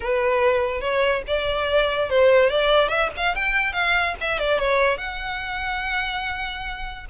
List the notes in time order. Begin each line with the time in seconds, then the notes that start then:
0.00 B4
0.80 C#5
1.27 D5
2.09 C5
2.49 D5
2.88 E5
3.16 F5
3.35 G5
3.73 F5
4.20 E5
4.38 D5
4.58 C#5
4.97 F#5